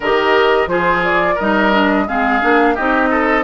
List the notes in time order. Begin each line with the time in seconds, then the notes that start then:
0.00 D#3 G4 A#4 D#5
0.66 F3 F4 G#4 C5
1.04 D5
1.35 G3 D#4 A#4 D#5
1.71 D4
2.08 G#3 C4 G#4 F5
2.41 A#3 D4
2.74 C4 D#4 G4 D#5
3.10 A4